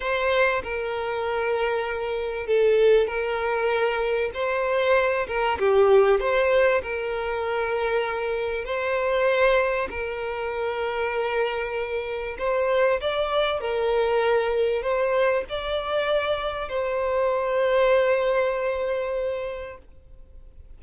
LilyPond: \new Staff \with { instrumentName = "violin" } { \time 4/4 \tempo 4 = 97 c''4 ais'2. | a'4 ais'2 c''4~ | c''8 ais'8 g'4 c''4 ais'4~ | ais'2 c''2 |
ais'1 | c''4 d''4 ais'2 | c''4 d''2 c''4~ | c''1 | }